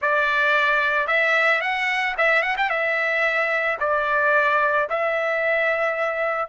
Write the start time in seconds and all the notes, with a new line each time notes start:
0.01 D5
1.07 E5
1.61 F#5
2.17 E5
2.42 F#5
2.57 G5
2.69 E5
3.80 D5
4.89 E5